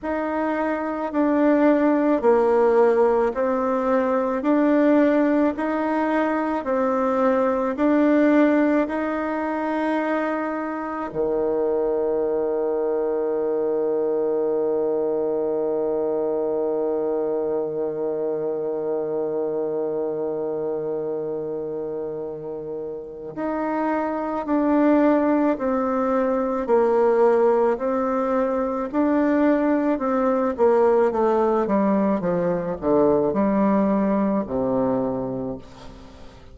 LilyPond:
\new Staff \with { instrumentName = "bassoon" } { \time 4/4 \tempo 4 = 54 dis'4 d'4 ais4 c'4 | d'4 dis'4 c'4 d'4 | dis'2 dis2~ | dis1~ |
dis1~ | dis4 dis'4 d'4 c'4 | ais4 c'4 d'4 c'8 ais8 | a8 g8 f8 d8 g4 c4 | }